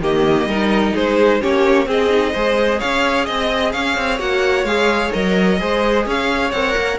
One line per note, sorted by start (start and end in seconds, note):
0.00 0.46 D#3
0.00 0.49 A#3
0.00 0.49 G4
0.00 0.96 D#5
0.46 0.92 G3
0.46 1.41 D#4
0.46 0.94 A#4
0.94 1.43 G#3
0.94 1.41 G#4
0.94 1.42 C5
1.41 1.87 A#3
1.41 1.85 C#4
1.41 1.88 G4
1.41 1.88 C#5
1.85 2.08 C4
1.85 2.34 C4
1.85 2.32 G#4
1.85 2.80 D#5
2.10 2.34 D#4
2.32 2.82 G#3
2.32 4.19 G#4
2.32 2.79 C5
2.79 3.29 C#4
2.79 3.25 C#5
2.79 3.26 F5
3.25 3.74 C4
3.25 3.72 D#5
3.72 3.97 C#4
3.72 5.59 C#5
3.72 4.19 F5
3.97 4.19 C4
4.19 4.64 A#3
4.19 4.65 F#4
4.19 4.65 F#5
4.64 5.10 G#3
4.64 5.12 G#4
4.64 5.12 F5
5.12 5.61 F#3
5.12 5.58 A#4
5.12 6.06 D#5
5.58 6.06 G#3
5.58 6.51 G#4
5.58 6.06 C5
6.06 6.52 C#4
6.06 6.98 C#5
6.06 6.51 F5
6.51 6.75 C4
6.51 6.98 A#4
6.51 6.98 F#5
6.77 6.98 A#3